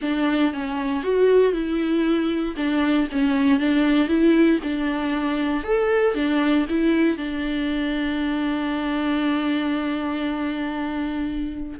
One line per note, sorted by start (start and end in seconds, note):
0.01 0.53 D4
0.53 1.03 C#4
1.03 1.52 F#4
1.52 2.55 E4
2.56 3.07 D4
3.11 3.59 C#4
3.59 4.08 D4
4.08 4.59 E4
4.63 5.63 D4
5.63 6.14 A4
6.14 6.66 D4
6.69 7.17 E4
7.17 11.79 D4